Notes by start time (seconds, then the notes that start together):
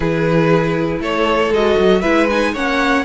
0.00 E3 E4 G#4 B4
0.99 A3 A4 C#5
1.50 G#3 F#4 D#5
1.78 F#3
2.00 G#3 E4 B4 E5
2.29 D#4 G#5
2.53 A#3 C#4 C#5 F#5